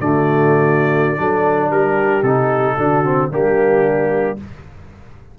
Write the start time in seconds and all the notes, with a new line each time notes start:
0.00 D3 A3 F#4 D5
1.17 F#3 D4 A4
1.69 G3 G4 A#4
2.22 C3 D#4 A4
2.77 D3 D4 F#4
3.05 C4
3.31 G3 A#3 D4 G4